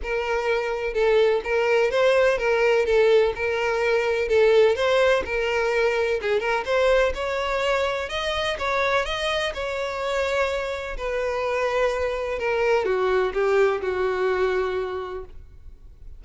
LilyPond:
\new Staff \with { instrumentName = "violin" } { \time 4/4 \tempo 4 = 126 ais'2 a'4 ais'4 | c''4 ais'4 a'4 ais'4~ | ais'4 a'4 c''4 ais'4~ | ais'4 gis'8 ais'8 c''4 cis''4~ |
cis''4 dis''4 cis''4 dis''4 | cis''2. b'4~ | b'2 ais'4 fis'4 | g'4 fis'2. | }